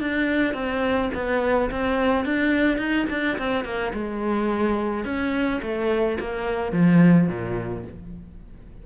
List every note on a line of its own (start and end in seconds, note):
0.00 0.54 D4
0.54 1.10 C4
1.14 1.70 B3
1.70 2.25 C4
2.25 2.78 D4
2.78 3.06 D#4
3.10 3.38 D4
3.38 3.64 C4
3.64 3.92 A#3
3.93 5.04 G#3
5.04 5.60 C#4
5.62 6.18 A3
6.19 6.72 A#3
6.72 7.27 F3
7.27 7.84 A#2